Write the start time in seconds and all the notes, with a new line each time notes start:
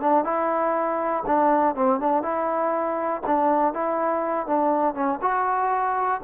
0.00 D4
0.24 E4
1.26 D4
1.75 C4
2.00 D4
2.22 E4
3.26 D4
3.73 E4
4.46 D4
4.94 C#4
5.21 F#4